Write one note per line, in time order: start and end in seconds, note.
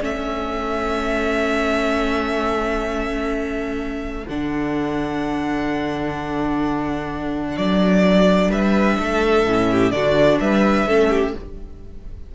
0.00 4.26 A3
0.00 4.25 C#4
0.00 8.49 A4
0.00 4.27 E5
4.27 7.58 D3
4.27 9.47 D4
4.27 7.56 F#5
7.56 8.50 F#3
7.56 8.51 D5
8.49 8.98 G3
8.49 8.97 B4
8.49 9.91 E5
8.99 9.45 A3
8.99 9.71 A4
9.45 9.92 A2
9.45 9.92 C#4
9.71 9.94 G4
9.91 10.39 D3
9.91 10.87 D4
9.91 10.41 F#4
9.91 10.38 D5
10.39 10.87 G3
10.39 10.87 B4
10.39 11.34 E5
10.87 11.34 A3
10.87 11.35 C#4
10.87 11.10 A4
11.10 11.33 G4